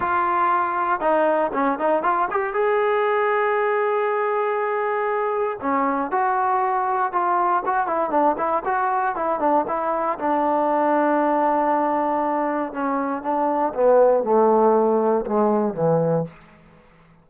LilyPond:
\new Staff \with { instrumentName = "trombone" } { \time 4/4 \tempo 4 = 118 f'2 dis'4 cis'8 dis'8 | f'8 g'8 gis'2.~ | gis'2. cis'4 | fis'2 f'4 fis'8 e'8 |
d'8 e'8 fis'4 e'8 d'8 e'4 | d'1~ | d'4 cis'4 d'4 b4 | a2 gis4 e4 | }